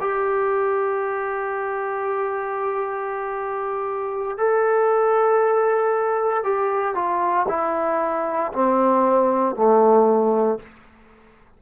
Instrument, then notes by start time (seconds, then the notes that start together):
trombone
0.00 G4
4.37 A4
6.43 G4
6.95 F4
7.48 E4
8.52 C4
9.55 A3